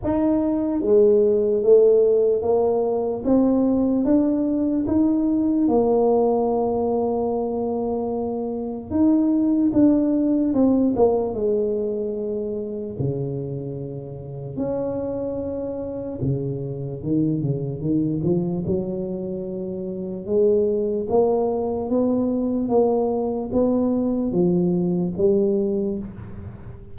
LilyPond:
\new Staff \with { instrumentName = "tuba" } { \time 4/4 \tempo 4 = 74 dis'4 gis4 a4 ais4 | c'4 d'4 dis'4 ais4~ | ais2. dis'4 | d'4 c'8 ais8 gis2 |
cis2 cis'2 | cis4 dis8 cis8 dis8 f8 fis4~ | fis4 gis4 ais4 b4 | ais4 b4 f4 g4 | }